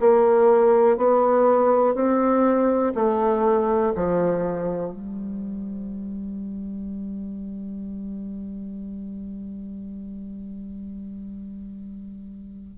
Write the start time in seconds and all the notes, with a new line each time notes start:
0.00 A#3
0.97 B3
1.95 C4
2.95 A3
3.96 F3
4.93 G3